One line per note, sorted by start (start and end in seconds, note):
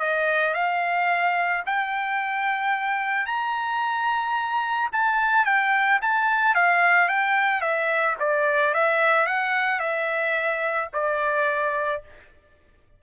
0.00 0.54 D#5
0.54 1.63 F5
1.66 3.26 G5
3.26 4.90 A#5
4.92 5.45 A5
5.45 6.00 G5
6.02 6.55 A5
6.55 7.09 F5
7.09 7.61 G5
7.61 8.16 E5
8.20 8.74 D5
8.74 9.27 E5
9.27 9.80 F#5
9.80 10.89 E5
10.93 12.02 D5